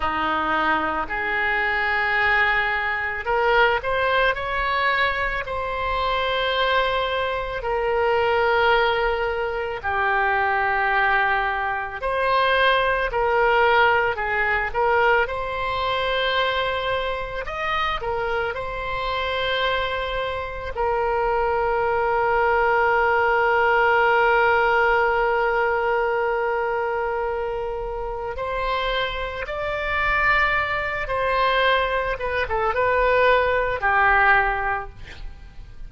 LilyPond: \new Staff \with { instrumentName = "oboe" } { \time 4/4 \tempo 4 = 55 dis'4 gis'2 ais'8 c''8 | cis''4 c''2 ais'4~ | ais'4 g'2 c''4 | ais'4 gis'8 ais'8 c''2 |
dis''8 ais'8 c''2 ais'4~ | ais'1~ | ais'2 c''4 d''4~ | d''8 c''4 b'16 a'16 b'4 g'4 | }